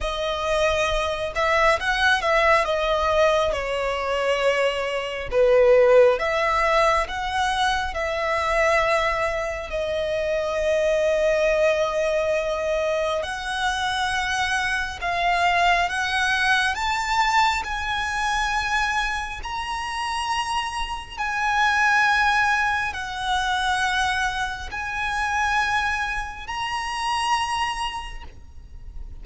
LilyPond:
\new Staff \with { instrumentName = "violin" } { \time 4/4 \tempo 4 = 68 dis''4. e''8 fis''8 e''8 dis''4 | cis''2 b'4 e''4 | fis''4 e''2 dis''4~ | dis''2. fis''4~ |
fis''4 f''4 fis''4 a''4 | gis''2 ais''2 | gis''2 fis''2 | gis''2 ais''2 | }